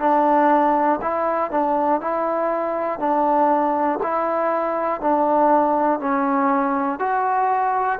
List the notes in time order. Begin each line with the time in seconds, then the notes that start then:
0.00 D4
1.02 E4
1.51 D4
2.01 E4
3.00 D4
4.03 E4
5.01 D4
6.00 C#4
7.00 F#4